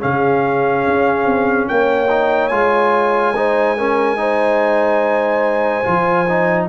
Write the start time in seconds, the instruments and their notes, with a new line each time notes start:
0.00 tuba C#3, trombone C#4, horn G#4, trumpet F5
0.87 tuba C#4
1.25 tuba C4
1.68 tuba A#3, horn C#5, trumpet G5
2.10 trombone D#4
2.48 tuba G#3, trombone F4, trumpet G#5
3.36 trombone D#4, horn C5
3.78 trombone C#4, horn A#4
4.17 trombone D#4, horn C5
5.84 tuba F3, trombone F4
6.29 trombone D#4